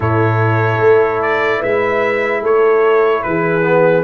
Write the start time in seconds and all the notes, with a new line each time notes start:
0.00 A2 E4 A4 C#5
0.79 A3
1.22 D5
1.58 G#3 B4 E5
2.42 A3 A4 C#5
3.22 E3 G#4 B4
3.62 B3